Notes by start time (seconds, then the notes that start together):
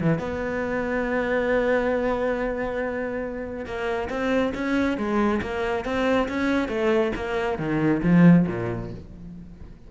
0.00 E3
0.19 B3
3.65 A#3
4.09 C4
4.54 C#4
4.97 G#3
5.41 A#3
5.84 C4
6.28 C#4
6.68 A3
7.15 A#3
7.58 D#3
8.03 F3
8.47 A#2